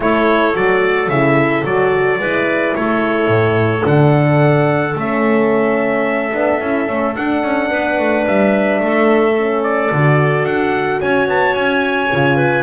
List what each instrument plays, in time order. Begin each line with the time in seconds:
0.00 double bass A3, horn E4, clarinet A4, trumpet C#5
0.54 double bass F#3, horn F#4, trumpet D5
1.08 double bass C#3, horn E4, trumpet E5
1.64 double bass F#3, horn F#4, trumpet D5
2.19 double bass G#3, horn E4, clarinet B4
2.75 double bass A3, clarinet A4, trumpet C#5
3.27 double bass A2
3.81 double bass D3, horn D4, trumpet F#5
4.94 double bass A3, horn C#4, trumpet E5
6.32 double bass B3, horn D4
6.60 double bass C#4, horn E4
6.86 double bass A3, horn C#4
7.15 horn D4, double bass D4, trumpet F#5
7.42 double bass C#4
7.71 double bass B3, clarinet B4
7.99 double bass A3
8.27 double bass G3, trumpet E5
8.79 double bass A3, clarinet A4
9.37 horn C#4
9.63 trumpet D5
9.91 double bass D3, horn F#4
10.44 double bass D4, trumpet F#5
11.01 double bass C#4, clarinet C#5, trumpet G#5
11.27 double bass B3, trumpet A5
11.54 double bass C#4, trumpet G#5
12.11 double bass C#3, horn F4
12.36 clarinet B4